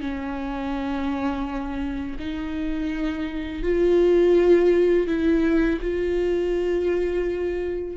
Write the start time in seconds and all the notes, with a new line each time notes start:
0.00 C#4
2.19 D#4
3.63 F4
5.07 E4
5.81 F4